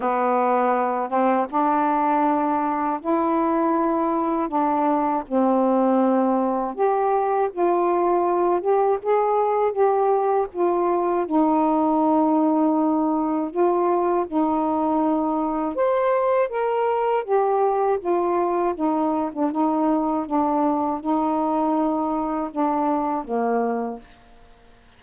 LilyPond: \new Staff \with { instrumentName = "saxophone" } { \time 4/4 \tempo 4 = 80 b4. c'8 d'2 | e'2 d'4 c'4~ | c'4 g'4 f'4. g'8 | gis'4 g'4 f'4 dis'4~ |
dis'2 f'4 dis'4~ | dis'4 c''4 ais'4 g'4 | f'4 dis'8. d'16 dis'4 d'4 | dis'2 d'4 ais4 | }